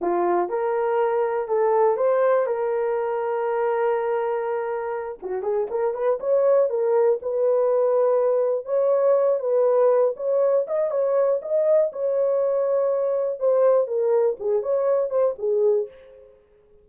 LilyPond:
\new Staff \with { instrumentName = "horn" } { \time 4/4 \tempo 4 = 121 f'4 ais'2 a'4 | c''4 ais'2.~ | ais'2~ ais'8 fis'8 gis'8 ais'8 | b'8 cis''4 ais'4 b'4.~ |
b'4. cis''4. b'4~ | b'8 cis''4 dis''8 cis''4 dis''4 | cis''2. c''4 | ais'4 gis'8 cis''4 c''8 gis'4 | }